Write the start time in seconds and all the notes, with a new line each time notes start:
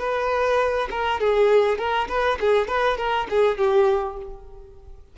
0.00 B4
0.91 A#4
1.21 G#4
1.79 A#4
2.09 B4
2.41 G#4
2.68 B4
2.98 A#4
3.31 G#4
3.58 G4